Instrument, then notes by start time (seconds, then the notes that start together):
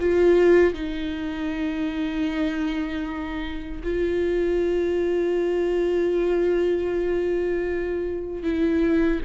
viola
0.00 F4
0.74 D#4
3.84 F4
8.44 E4